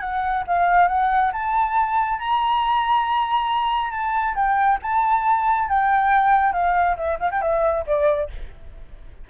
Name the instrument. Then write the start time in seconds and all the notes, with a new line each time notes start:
flute
0.00 F#5
0.47 F5
0.88 F#5
1.32 A5
2.19 A#5
3.91 A5
4.35 G5
4.82 A5
5.68 G5
6.52 F5
6.96 E5
7.19 F5
7.31 G5
7.41 E5
7.86 D5